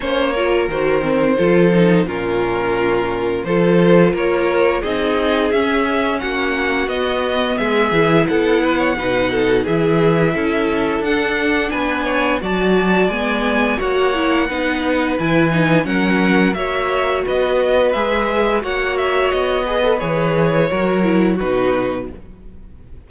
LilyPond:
<<
  \new Staff \with { instrumentName = "violin" } { \time 4/4 \tempo 4 = 87 cis''4 c''2 ais'4~ | ais'4 c''4 cis''4 dis''4 | e''4 fis''4 dis''4 e''4 | fis''2 e''2 |
fis''4 gis''4 a''4 gis''4 | fis''2 gis''4 fis''4 | e''4 dis''4 e''4 fis''8 e''8 | dis''4 cis''2 b'4 | }
  \new Staff \with { instrumentName = "violin" } { \time 4/4 c''8 ais'4. a'4 f'4~ | f'4 a'4 ais'4 gis'4~ | gis'4 fis'2 gis'4 | a'8 b'16 cis''16 b'8 a'8 gis'4 a'4~ |
a'4 b'8 cis''8 d''2 | cis''4 b'2 ais'4 | cis''4 b'2 cis''4~ | cis''8 b'4. ais'4 fis'4 | }
  \new Staff \with { instrumentName = "viola" } { \time 4/4 cis'8 f'8 fis'8 c'8 f'8 dis'8 cis'4~ | cis'4 f'2 dis'4 | cis'2 b4. e'8~ | e'4 dis'4 e'2 |
d'2 fis'4 b4 | fis'8 e'8 dis'4 e'8 dis'8 cis'4 | fis'2 gis'4 fis'4~ | fis'8 gis'16 a'16 gis'4 fis'8 e'8 dis'4 | }
  \new Staff \with { instrumentName = "cello" } { \time 4/4 ais4 dis4 f4 ais,4~ | ais,4 f4 ais4 c'4 | cis'4 ais4 b4 gis8 e8 | b4 b,4 e4 cis'4 |
d'4 b4 fis4 gis4 | ais4 b4 e4 fis4 | ais4 b4 gis4 ais4 | b4 e4 fis4 b,4 | }
>>